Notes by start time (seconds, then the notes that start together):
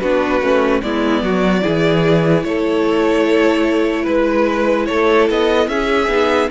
0.00 B3 D4 F#4 B4
0.41 A3 C#4
0.82 G#3 B3 E4 D5
1.22 F#3 F#4
1.61 E3 E4 G#4
2.43 A3 A4 C#5
4.03 G#3 B4
4.86 A3 A4 C#5
5.29 B3 D#5
5.68 C#4 G#4 E5
6.07 B3 D#4